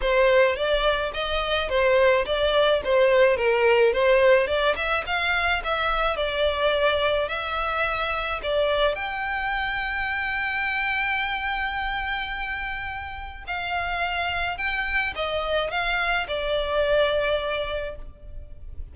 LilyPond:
\new Staff \with { instrumentName = "violin" } { \time 4/4 \tempo 4 = 107 c''4 d''4 dis''4 c''4 | d''4 c''4 ais'4 c''4 | d''8 e''8 f''4 e''4 d''4~ | d''4 e''2 d''4 |
g''1~ | g''1 | f''2 g''4 dis''4 | f''4 d''2. | }